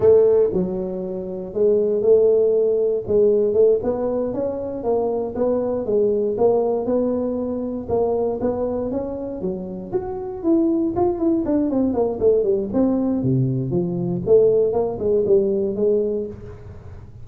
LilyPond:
\new Staff \with { instrumentName = "tuba" } { \time 4/4 \tempo 4 = 118 a4 fis2 gis4 | a2 gis4 a8 b8~ | b8 cis'4 ais4 b4 gis8~ | gis8 ais4 b2 ais8~ |
ais8 b4 cis'4 fis4 fis'8~ | fis'8 e'4 f'8 e'8 d'8 c'8 ais8 | a8 g8 c'4 c4 f4 | a4 ais8 gis8 g4 gis4 | }